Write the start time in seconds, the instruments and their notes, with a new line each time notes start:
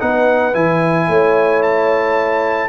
0.00 tuba B3, trombone D#4, horn B4, trumpet F#5
0.54 tuba E3, trombone E4, trumpet G#5
1.08 tuba A3, horn C#5
1.63 trumpet A5